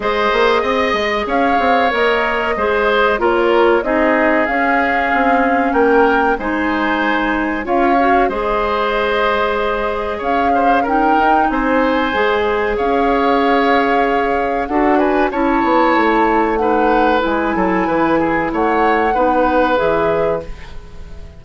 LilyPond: <<
  \new Staff \with { instrumentName = "flute" } { \time 4/4 \tempo 4 = 94 dis''2 f''4 dis''4~ | dis''4 cis''4 dis''4 f''4~ | f''4 g''4 gis''2 | f''4 dis''2. |
f''4 g''4 gis''2 | f''2. fis''8 gis''8 | a''2 fis''4 gis''4~ | gis''4 fis''2 e''4 | }
  \new Staff \with { instrumentName = "oboe" } { \time 4/4 c''4 dis''4 cis''2 | c''4 ais'4 gis'2~ | gis'4 ais'4 c''2 | cis''4 c''2. |
cis''8 c''8 ais'4 c''2 | cis''2. a'8 b'8 | cis''2 b'4. a'8 | b'8 gis'8 cis''4 b'2 | }
  \new Staff \with { instrumentName = "clarinet" } { \time 4/4 gis'2. ais'4 | gis'4 f'4 dis'4 cis'4~ | cis'2 dis'2 | f'8 fis'8 gis'2.~ |
gis'4 dis'2 gis'4~ | gis'2. fis'4 | e'2 dis'4 e'4~ | e'2 dis'4 gis'4 | }
  \new Staff \with { instrumentName = "bassoon" } { \time 4/4 gis8 ais8 c'8 gis8 cis'8 c'8 ais4 | gis4 ais4 c'4 cis'4 | c'4 ais4 gis2 | cis'4 gis2. |
cis'4. dis'8 c'4 gis4 | cis'2. d'4 | cis'8 b8 a2 gis8 fis8 | e4 a4 b4 e4 | }
>>